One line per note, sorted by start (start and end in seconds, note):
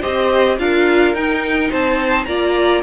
0.00 0.59 C4
0.00 0.58 G4
0.00 0.56 C5
0.00 0.58 D#5
0.58 1.14 D4
0.58 1.14 F4
0.58 1.70 A#4
0.58 1.15 F5
1.14 1.70 D#4
1.14 2.27 D#4
1.14 1.71 G5
1.70 2.26 C4
1.70 2.26 C5
1.70 2.25 A5
2.25 2.82 A#3
2.25 2.82 F4
2.25 2.82 D5
2.25 2.81 A#5